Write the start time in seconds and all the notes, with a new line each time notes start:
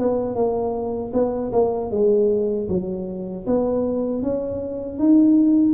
0.00 B3
0.36 A#3
1.14 B3
1.53 A#3
1.91 G#3
2.70 F#3
3.47 B3
4.23 C#4
4.99 D#4